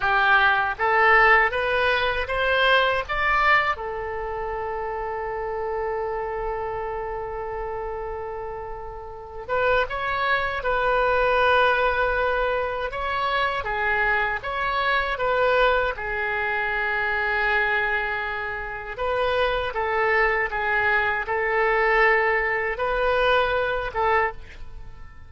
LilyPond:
\new Staff \with { instrumentName = "oboe" } { \time 4/4 \tempo 4 = 79 g'4 a'4 b'4 c''4 | d''4 a'2.~ | a'1~ | a'8 b'8 cis''4 b'2~ |
b'4 cis''4 gis'4 cis''4 | b'4 gis'2.~ | gis'4 b'4 a'4 gis'4 | a'2 b'4. a'8 | }